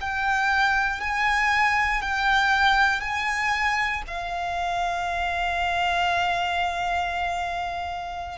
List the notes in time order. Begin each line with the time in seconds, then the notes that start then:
0.00 G5
1.00 G#5
2.02 G5
3.00 G#5
4.07 F5